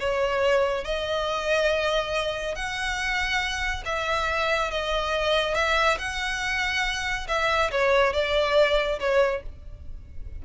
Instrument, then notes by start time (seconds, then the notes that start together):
violin
0.00 C#5
0.85 D#5
2.56 F#5
3.86 E5
4.71 D#5
5.55 E5
5.99 F#5
7.28 E5
7.72 C#5
8.14 D5
9.00 C#5